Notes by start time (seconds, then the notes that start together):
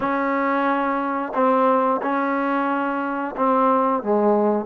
0.00 C#4
1.34 C4
2.02 C#4
3.36 C4
4.02 G#3